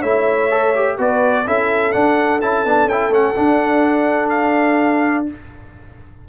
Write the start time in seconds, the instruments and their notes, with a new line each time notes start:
0.00 tuba A3, trombone E4, horn C#5, trumpet E5
0.50 trombone A4
0.74 trombone G4
0.97 tuba B3, trombone F#4, horn B4, trumpet D5
1.46 tuba C#4, trombone E4, horn A4, trumpet E5
1.92 trombone D4, tuba D4, trumpet F#5
2.41 tuba C#4, trombone E4, trumpet A5
2.64 tuba B3, trombone D4
2.85 tuba C#4, trumpet G5
2.91 trombone E4
3.09 tuba A3, trombone C#4, trumpet F#5
3.36 trombone D4, tuba D4
4.29 trumpet F5